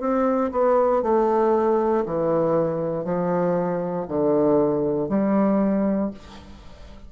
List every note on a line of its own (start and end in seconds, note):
0.00 0.51 C4
0.52 1.03 B3
1.03 2.04 A3
2.06 3.05 E3
3.05 4.06 F3
4.08 5.09 D3
5.09 6.11 G3